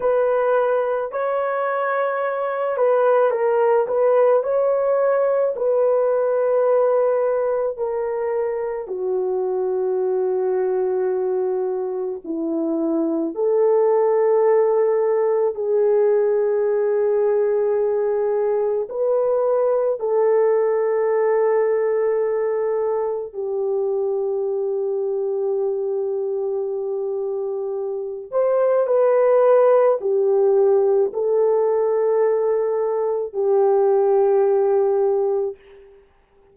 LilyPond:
\new Staff \with { instrumentName = "horn" } { \time 4/4 \tempo 4 = 54 b'4 cis''4. b'8 ais'8 b'8 | cis''4 b'2 ais'4 | fis'2. e'4 | a'2 gis'2~ |
gis'4 b'4 a'2~ | a'4 g'2.~ | g'4. c''8 b'4 g'4 | a'2 g'2 | }